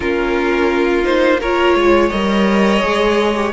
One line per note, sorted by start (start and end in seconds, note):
0.00 1.75 A#3
0.00 1.03 C#4
0.00 1.39 F4
0.00 1.04 A#4
1.03 1.39 D#4
1.03 1.40 C5
1.39 2.12 F4
1.39 1.75 A#4
1.39 2.09 C#5
1.75 2.10 G#3
1.75 3.52 C#5
2.09 2.83 G3
2.09 2.80 A#4
2.09 3.50 D#5
2.80 3.52 G#3
2.80 3.33 G#4
3.35 3.52 G4